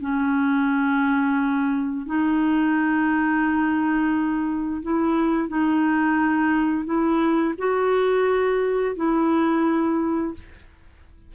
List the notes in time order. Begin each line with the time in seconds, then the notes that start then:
0.00 C#4
2.06 D#4
4.82 E4
5.48 D#4
6.85 E4
7.57 F#4
8.96 E4